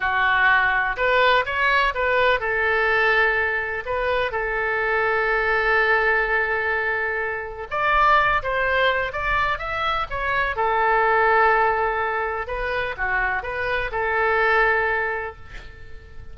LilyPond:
\new Staff \with { instrumentName = "oboe" } { \time 4/4 \tempo 4 = 125 fis'2 b'4 cis''4 | b'4 a'2. | b'4 a'2.~ | a'1 |
d''4. c''4. d''4 | e''4 cis''4 a'2~ | a'2 b'4 fis'4 | b'4 a'2. | }